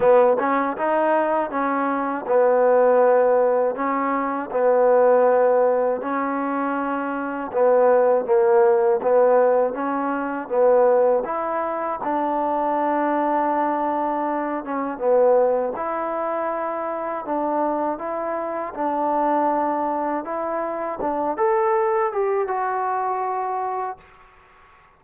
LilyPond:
\new Staff \with { instrumentName = "trombone" } { \time 4/4 \tempo 4 = 80 b8 cis'8 dis'4 cis'4 b4~ | b4 cis'4 b2 | cis'2 b4 ais4 | b4 cis'4 b4 e'4 |
d'2.~ d'8 cis'8 | b4 e'2 d'4 | e'4 d'2 e'4 | d'8 a'4 g'8 fis'2 | }